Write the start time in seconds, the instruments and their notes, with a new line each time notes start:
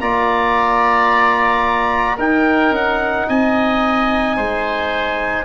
0.00 tuba A#3, trombone F4, oboe D5, trumpet A#5
2.17 tuba D#4, trombone D#4, oboe A#4, trumpet G5
2.70 tuba C#4, trumpet F#5
3.29 tuba C4, oboe D#5, trumpet G#5
4.36 tuba G#3, oboe C5